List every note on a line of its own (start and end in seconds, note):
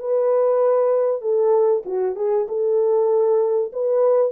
0.00 1.22 B4
1.22 1.84 A4
1.86 2.16 F#4
2.16 2.47 G#4
2.49 3.72 A4
3.73 4.32 B4